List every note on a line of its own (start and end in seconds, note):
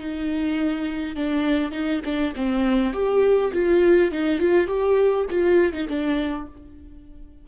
0.00 1.16 D#4
1.16 1.72 D4
1.72 2.01 D#4
2.05 2.34 D4
2.36 2.93 C4
2.93 3.52 G4
3.54 4.12 F4
4.12 4.40 D#4
4.40 4.67 F4
4.67 5.26 G4
5.31 5.73 F4
5.73 5.88 D#4
5.89 6.47 D4